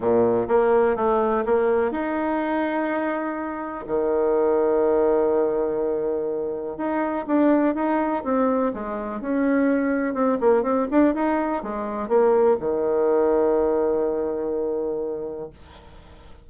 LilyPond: \new Staff \with { instrumentName = "bassoon" } { \time 4/4 \tempo 4 = 124 ais,4 ais4 a4 ais4 | dis'1 | dis1~ | dis2 dis'4 d'4 |
dis'4 c'4 gis4 cis'4~ | cis'4 c'8 ais8 c'8 d'8 dis'4 | gis4 ais4 dis2~ | dis1 | }